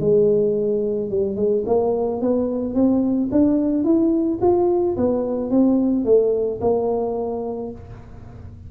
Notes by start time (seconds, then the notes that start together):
0.00 G#3
1.10 G3
1.36 G#3
1.66 A#3
2.21 B3
2.74 C4
3.32 D4
3.84 E4
4.41 F4
4.97 B3
5.50 C4
6.05 A3
6.61 A#3